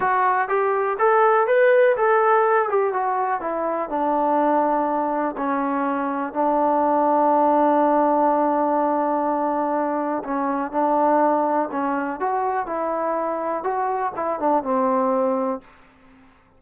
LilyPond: \new Staff \with { instrumentName = "trombone" } { \time 4/4 \tempo 4 = 123 fis'4 g'4 a'4 b'4 | a'4. g'8 fis'4 e'4 | d'2. cis'4~ | cis'4 d'2.~ |
d'1~ | d'4 cis'4 d'2 | cis'4 fis'4 e'2 | fis'4 e'8 d'8 c'2 | }